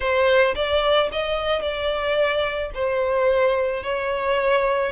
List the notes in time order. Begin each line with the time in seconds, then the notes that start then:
0.00 C5
0.55 D5
1.12 D#5
1.61 D5
2.74 C5
3.83 C#5